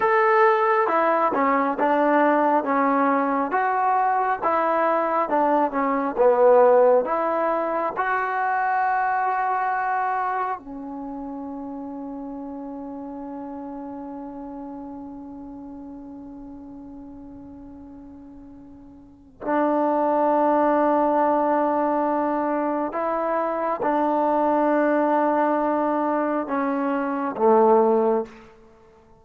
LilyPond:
\new Staff \with { instrumentName = "trombone" } { \time 4/4 \tempo 4 = 68 a'4 e'8 cis'8 d'4 cis'4 | fis'4 e'4 d'8 cis'8 b4 | e'4 fis'2. | cis'1~ |
cis'1~ | cis'2 d'2~ | d'2 e'4 d'4~ | d'2 cis'4 a4 | }